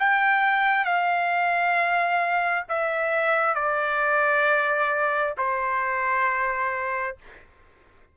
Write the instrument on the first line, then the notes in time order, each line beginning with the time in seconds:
trumpet
0.00 G5
0.85 F5
2.69 E5
3.55 D5
5.38 C5